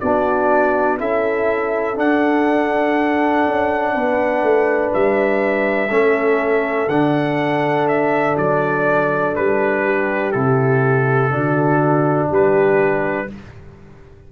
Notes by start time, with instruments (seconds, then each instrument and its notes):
0.00 tuba B3, trombone D4, horn F#4, trumpet D5
0.99 tuba C#4, trombone E4, horn A4, trumpet E5
1.95 trombone D4, tuba D4, trumpet F#5
3.47 tuba C#4
3.94 tuba B3, horn B4
4.43 tuba A3
4.94 tuba G3, trumpet E5
5.91 tuba A3, trombone C#4, horn A4
6.88 tuba D3, trombone D4, trumpet F#5
7.88 trumpet E5
8.38 tuba F#3, trumpet D5
9.36 tuba G3, trumpet B4
9.85 horn G4
10.32 tuba C3, trombone E4, trumpet A4
11.31 tuba D3, trombone D4, horn F#4
12.29 tuba G3, horn G4, trumpet B4